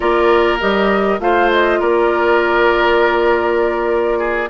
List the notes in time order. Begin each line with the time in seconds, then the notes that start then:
0.00 A#3 F4 A#4 D5
0.60 G3 G4 D#5
1.19 A3 F4 C5 F5
1.50 D#5
1.79 A#3 A#4 D5
4.19 G#4